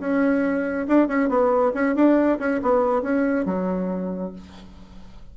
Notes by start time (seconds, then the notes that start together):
0.00 C#4
0.88 D4
1.08 C#4
1.29 B3
1.74 C#4
1.96 D4
2.39 C#4
2.63 B3
3.03 C#4
3.46 F#3